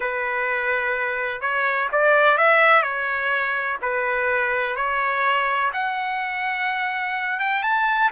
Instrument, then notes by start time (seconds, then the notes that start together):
trumpet
0.00 B4
1.41 C#5
1.92 D5
2.37 E5
2.82 C#5
3.81 B4
4.76 C#5
5.73 F#5
7.39 G5
7.63 A5